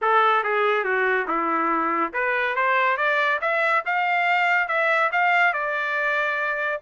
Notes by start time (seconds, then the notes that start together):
0.01 A4
0.43 G#4
0.84 F#4
1.27 E4
2.13 B4
2.55 C5
2.97 D5
3.41 E5
3.85 F5
4.68 E5
5.12 F5
5.53 D5